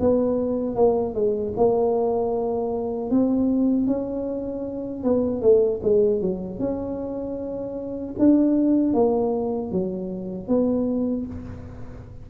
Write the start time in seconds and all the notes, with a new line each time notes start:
0.00 B3
0.76 A#3
1.15 G#3
1.57 A#3
3.11 C4
3.87 C#4
5.04 B3
5.42 A3
5.83 G#3
6.21 F#3
6.60 C#4
8.19 D4
8.94 A#3
9.72 F#3
10.48 B3